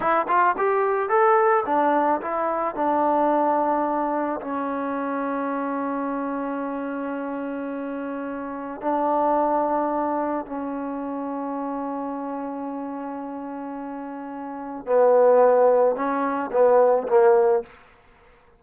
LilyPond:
\new Staff \with { instrumentName = "trombone" } { \time 4/4 \tempo 4 = 109 e'8 f'8 g'4 a'4 d'4 | e'4 d'2. | cis'1~ | cis'1 |
d'2. cis'4~ | cis'1~ | cis'2. b4~ | b4 cis'4 b4 ais4 | }